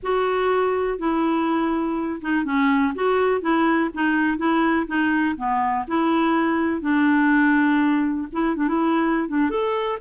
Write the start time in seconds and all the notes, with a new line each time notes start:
0.02 F#4
0.98 E4
2.21 D#4
2.45 C#4
2.94 F#4
3.41 E4
3.94 D#4
4.37 E4
4.86 D#4
5.37 B3
5.87 E4
6.81 D4
8.32 E4
8.56 D4
8.68 E4
9.28 D4
9.49 A4